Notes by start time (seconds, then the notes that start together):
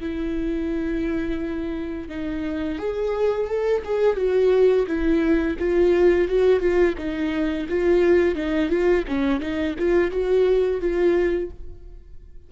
0.00 E4
2.09 D#4
2.79 G#4
3.48 A4
3.84 G#4
4.16 F#4
4.87 E4
5.59 F4
6.28 F#4
6.60 F4
6.98 D#4
7.69 F4
8.35 D#4
8.69 F4
9.08 C#4
9.40 D#4
9.79 F4
10.11 F#4
10.80 F4